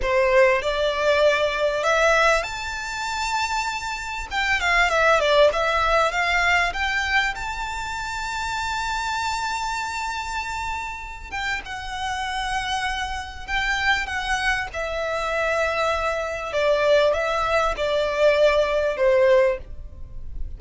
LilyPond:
\new Staff \with { instrumentName = "violin" } { \time 4/4 \tempo 4 = 98 c''4 d''2 e''4 | a''2. g''8 f''8 | e''8 d''8 e''4 f''4 g''4 | a''1~ |
a''2~ a''8 g''8 fis''4~ | fis''2 g''4 fis''4 | e''2. d''4 | e''4 d''2 c''4 | }